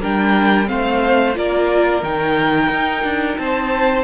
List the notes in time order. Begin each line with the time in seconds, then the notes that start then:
0.00 G3 D4 A#4 G5
0.66 A3 C4 C5 F5
1.34 A#3 F4 A#4 D5
2.02 D#3 D#4 G5
2.70 D#4
3.03 D4
3.37 C4 C5 A5